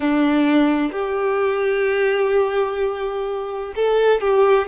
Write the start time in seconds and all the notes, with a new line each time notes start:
0.00 D4
0.92 G4
3.75 A4
4.21 G4